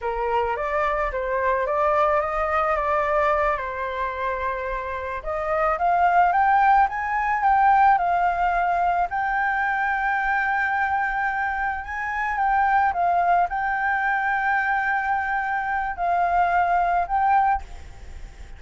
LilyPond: \new Staff \with { instrumentName = "flute" } { \time 4/4 \tempo 4 = 109 ais'4 d''4 c''4 d''4 | dis''4 d''4. c''4.~ | c''4. dis''4 f''4 g''8~ | g''8 gis''4 g''4 f''4.~ |
f''8 g''2.~ g''8~ | g''4. gis''4 g''4 f''8~ | f''8 g''2.~ g''8~ | g''4 f''2 g''4 | }